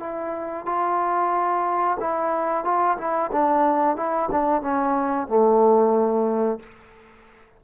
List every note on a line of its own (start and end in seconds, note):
0.00 0.66 E4
0.66 1.98 F4
2.00 2.65 E4
2.65 2.98 F4
2.98 3.31 E4
3.32 3.97 D4
3.97 4.30 E4
4.32 4.62 D4
4.62 5.28 C#4
5.28 6.60 A3